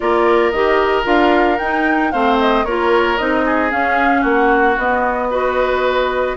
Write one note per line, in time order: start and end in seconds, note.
0.00 0.52 A#3
0.00 0.53 F4
0.00 2.12 A#4
0.00 0.50 D5
0.50 1.05 D#3
0.50 1.03 G4
0.50 1.03 D#5
1.03 1.58 D4
1.03 1.56 F4
1.03 1.58 F5
1.58 2.13 D#4
1.58 2.12 D#4
1.58 2.11 G5
2.11 2.64 A3
2.11 2.65 C4
2.11 2.65 C5
2.11 2.37 F5
2.39 2.64 D#5
2.64 3.17 A#3
2.64 3.18 F4
2.64 3.44 A#4
2.64 3.17 C#5
3.17 3.72 C4
3.17 3.70 D#4
3.17 3.70 D#5
3.45 4.21 G#4
3.70 4.76 C#4
3.70 4.24 C#4
3.70 4.24 F5
4.21 4.77 A#3
4.21 5.27 F#4
4.21 4.78 F#5
4.77 6.36 B3
4.77 5.31 B3
4.77 6.36 D#5
5.30 6.36 F#4
5.30 6.36 B4